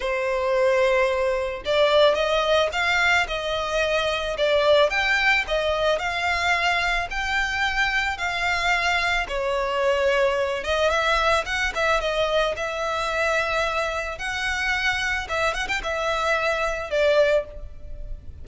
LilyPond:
\new Staff \with { instrumentName = "violin" } { \time 4/4 \tempo 4 = 110 c''2. d''4 | dis''4 f''4 dis''2 | d''4 g''4 dis''4 f''4~ | f''4 g''2 f''4~ |
f''4 cis''2~ cis''8 dis''8 | e''4 fis''8 e''8 dis''4 e''4~ | e''2 fis''2 | e''8 fis''16 g''16 e''2 d''4 | }